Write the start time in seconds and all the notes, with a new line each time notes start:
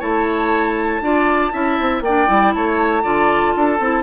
0.00 A3 E4 C#5 A5
1.02 D4 F4 D5
1.52 C#4 E4 E5
1.80 C4
2.01 A#3 D5 G5
2.08 D4
2.27 G3 E4
2.54 A3 C#5 A5
3.03 D3 F4 D5
3.56 D4 A4
3.80 C4 E4